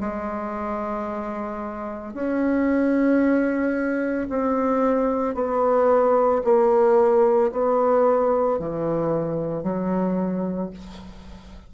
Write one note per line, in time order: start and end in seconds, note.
0.00 2.14 G#3
2.14 4.28 C#4
4.30 5.35 C4
5.35 6.42 B3
6.44 7.51 A#3
7.51 8.59 B3
8.59 9.63 E3
9.63 10.70 F#3